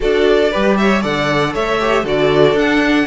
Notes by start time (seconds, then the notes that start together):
0.00 D4 F#4 A4 D5
0.51 G3 G4 B4
0.77 C#5 E5
1.02 D3 A4 D5 F#5
1.53 A3 C#5 E5
1.79 G4
2.03 D3 F#4 A4 D5
2.54 D4 F#5